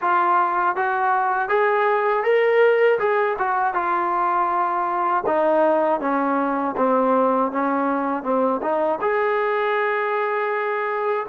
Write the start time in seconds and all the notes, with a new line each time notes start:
0.01 F4
0.76 F#4
1.48 G#4
2.23 A#4
2.99 G#4
3.39 F#4
3.74 F4
5.26 D#4
6.00 C#4
6.76 C4
7.51 C#4
8.23 C4
8.61 D#4
9.01 G#4